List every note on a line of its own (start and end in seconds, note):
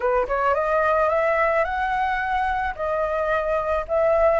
0.00 0.27 B4
0.27 0.54 C#5
0.54 1.09 D#5
1.09 1.64 E5
1.64 2.74 F#5
2.75 3.85 D#5
3.88 4.40 E5